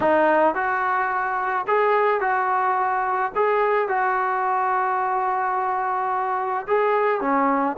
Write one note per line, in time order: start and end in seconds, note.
0.00 0.54 D#4
0.54 1.65 F#4
1.67 2.20 G#4
2.20 3.32 F#4
3.35 3.88 G#4
3.88 6.66 F#4
6.67 7.20 G#4
7.20 7.76 C#4